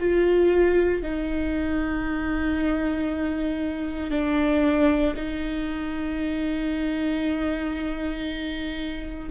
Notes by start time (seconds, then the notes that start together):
0.00 F4
1.03 D#4
4.11 D4
5.16 D#4